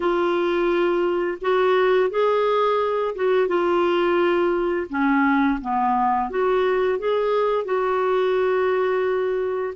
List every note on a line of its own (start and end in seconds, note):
0.00 1.38 F4
1.41 2.10 F#4
2.10 3.14 G#4
3.15 3.47 F#4
3.47 4.87 F4
4.89 5.59 C#4
5.61 6.29 B3
6.29 6.98 F#4
6.98 7.64 G#4
7.64 9.74 F#4